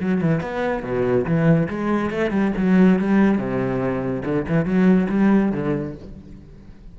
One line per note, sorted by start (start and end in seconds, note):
0.00 0.21 F#3
0.21 0.40 E3
0.40 0.83 B3
0.83 1.25 B2
1.26 1.68 E3
1.68 2.10 G#3
2.10 2.30 A3
2.30 2.51 G3
2.56 2.99 F#3
2.99 3.37 G3
3.37 4.22 C3
4.24 4.46 D3
4.48 4.65 E3
4.65 5.07 F#3
5.09 5.52 G3
5.52 5.94 D3